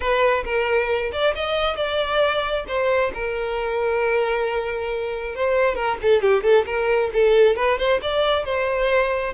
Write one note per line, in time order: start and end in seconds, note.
0.00 0.44 B4
0.44 1.11 A#4
1.12 1.34 D5
1.35 1.76 D#5
1.76 2.64 D5
2.67 3.12 C5
3.14 5.35 A#4
5.35 5.75 C5
5.75 5.97 A#4
6.02 6.21 A4
6.21 6.43 G4
6.43 6.65 A4
6.66 7.10 A#4
7.13 7.56 A4
7.56 7.78 B4
7.78 8.00 C5
8.01 8.44 D5
8.44 9.33 C5